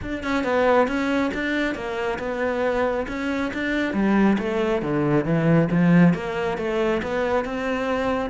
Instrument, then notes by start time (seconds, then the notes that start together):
cello
0.02 D4
0.23 C#4
0.44 B3
0.87 C#4
1.34 D4
1.74 A#3
2.18 B3
3.08 C#4
3.53 D4
3.93 G3
4.38 A3
4.82 D3
5.24 E3
5.71 F3
6.14 A#3
6.57 A3
7.02 B3
7.44 C4